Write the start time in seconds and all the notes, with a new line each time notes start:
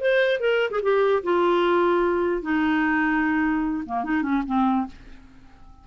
0.00 C5
0.40 A#4
0.70 G#4
0.82 G4
1.23 F4
2.42 D#4
3.86 A#3
4.04 D#4
4.22 C#4
4.46 C4